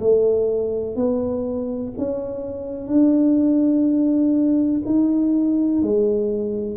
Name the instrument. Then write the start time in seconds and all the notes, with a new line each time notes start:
tuba
0.00 A3
0.96 B3
1.98 C#4
2.88 D4
4.86 D#4
5.82 G#3